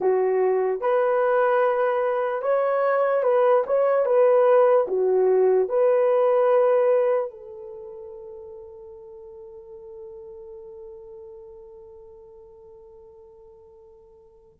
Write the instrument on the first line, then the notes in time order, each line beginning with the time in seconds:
horn
0.00 F#4
0.81 B4
2.41 C#5
3.23 B4
3.66 C#5
4.05 B4
4.87 F#4
5.68 B4
7.30 A4